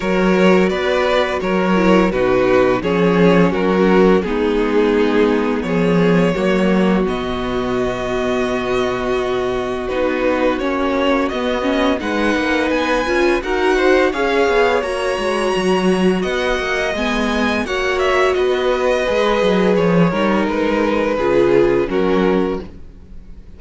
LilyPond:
<<
  \new Staff \with { instrumentName = "violin" } { \time 4/4 \tempo 4 = 85 cis''4 d''4 cis''4 b'4 | cis''4 ais'4 gis'2 | cis''2 dis''2~ | dis''2 b'4 cis''4 |
dis''4 fis''4 gis''4 fis''4 | f''4 ais''2 fis''4 | gis''4 fis''8 e''8 dis''2 | cis''4 b'2 ais'4 | }
  \new Staff \with { instrumentName = "violin" } { \time 4/4 ais'4 b'4 ais'4 fis'4 | gis'4 fis'4 dis'2 | gis'4 fis'2.~ | fis'1~ |
fis'4 b'2 ais'8 c''8 | cis''2. dis''4~ | dis''4 cis''4 b'2~ | b'8 ais'4. gis'4 fis'4 | }
  \new Staff \with { instrumentName = "viola" } { \time 4/4 fis'2~ fis'8 e'8 dis'4 | cis'2 b2~ | b4 ais4 b2~ | b2 dis'4 cis'4 |
b8 cis'8 dis'4. f'8 fis'4 | gis'4 fis'2. | b4 fis'2 gis'4~ | gis'8 dis'4. f'4 cis'4 | }
  \new Staff \with { instrumentName = "cello" } { \time 4/4 fis4 b4 fis4 b,4 | f4 fis4 gis2 | f4 fis4 b,2~ | b,2 b4 ais4 |
b4 gis8 ais8 b8 cis'8 dis'4 | cis'8 b8 ais8 gis8 fis4 b8 ais8 | gis4 ais4 b4 gis8 fis8 | f8 g8 gis4 cis4 fis4 | }
>>